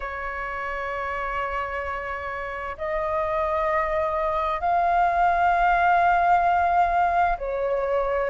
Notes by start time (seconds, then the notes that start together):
0.00 C#5
2.77 D#5
4.60 F5
7.38 C#5